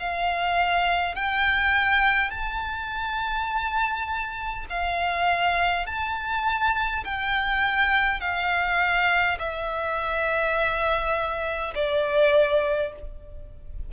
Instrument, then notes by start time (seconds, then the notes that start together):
violin
0.00 F5
1.16 G5
2.31 A5
4.70 F5
5.87 A5
7.05 G5
8.21 F5
9.39 E5
11.75 D5